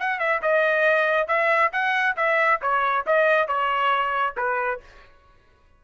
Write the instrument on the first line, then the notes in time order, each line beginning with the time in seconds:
trumpet
0.00 F#5
0.20 E5
0.42 D#5
1.28 E5
1.73 F#5
2.17 E5
2.62 C#5
3.07 D#5
3.48 C#5
4.37 B4